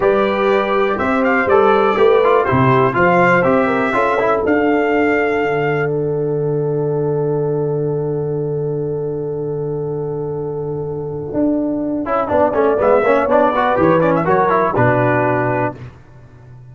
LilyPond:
<<
  \new Staff \with { instrumentName = "trumpet" } { \time 4/4 \tempo 4 = 122 d''2 e''8 f''8 d''4~ | d''4 c''4 f''4 e''4~ | e''4 f''2. | fis''1~ |
fis''1~ | fis''1~ | fis''2 e''4 d''4 | cis''8 d''16 e''16 cis''4 b'2 | }
  \new Staff \with { instrumentName = "horn" } { \time 4/4 b'2 c''2 | b'4 g'4 c''4. ais'8 | a'1~ | a'1~ |
a'1~ | a'1~ | a'4 d''4. cis''4 b'8~ | b'4 ais'4 fis'2 | }
  \new Staff \with { instrumentName = "trombone" } { \time 4/4 g'2. a'4 | g'8 f'8 e'4 f'4 g'4 | f'8 e'8 d'2.~ | d'1~ |
d'1~ | d'1~ | d'8 e'8 d'8 cis'8 b8 cis'8 d'8 fis'8 | g'8 cis'8 fis'8 e'8 d'2 | }
  \new Staff \with { instrumentName = "tuba" } { \time 4/4 g2 c'4 g4 | a4 c4 f4 c'4 | cis'4 d'2 d4~ | d1~ |
d1~ | d2. d'4~ | d'8 cis'8 b8 a8 gis8 ais8 b4 | e4 fis4 b,2 | }
>>